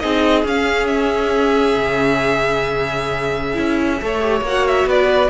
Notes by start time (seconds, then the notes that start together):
0.00 C4 D#4 G#4 D#5
0.45 C#4 F5
0.87 E5
1.76 C#3
3.54 C#4 E4
4.02 A3 A4 C#5
4.21 G4
4.42 A#3 F#5
4.48 F#4
4.67 E5
4.86 B3 B4 D5